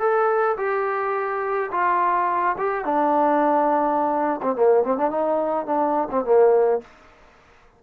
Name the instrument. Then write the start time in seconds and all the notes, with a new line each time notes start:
trombone
0.00 A4
0.57 G4
1.71 F4
2.58 G4
2.85 D4
4.42 C4
4.56 A#3
4.84 C4
4.98 D4
5.11 D#4
5.66 D4
6.11 C4
6.25 A#3